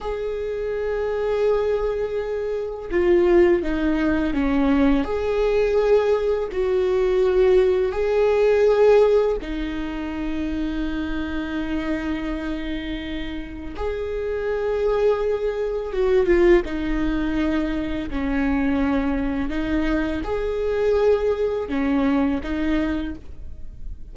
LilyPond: \new Staff \with { instrumentName = "viola" } { \time 4/4 \tempo 4 = 83 gis'1 | f'4 dis'4 cis'4 gis'4~ | gis'4 fis'2 gis'4~ | gis'4 dis'2.~ |
dis'2. gis'4~ | gis'2 fis'8 f'8 dis'4~ | dis'4 cis'2 dis'4 | gis'2 cis'4 dis'4 | }